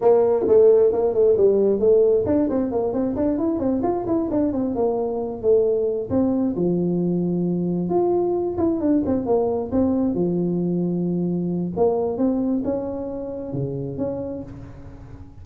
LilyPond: \new Staff \with { instrumentName = "tuba" } { \time 4/4 \tempo 4 = 133 ais4 a4 ais8 a8 g4 | a4 d'8 c'8 ais8 c'8 d'8 e'8 | c'8 f'8 e'8 d'8 c'8 ais4. | a4. c'4 f4.~ |
f4. f'4. e'8 d'8 | c'8 ais4 c'4 f4.~ | f2 ais4 c'4 | cis'2 cis4 cis'4 | }